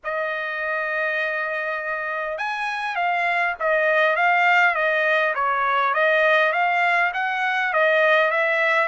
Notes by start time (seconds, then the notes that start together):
0.04 D#5
2.38 G#5
2.95 F5
3.59 D#5
4.16 F5
4.74 D#5
5.34 C#5
5.94 D#5
6.52 F5
7.13 F#5
7.73 D#5
8.31 E5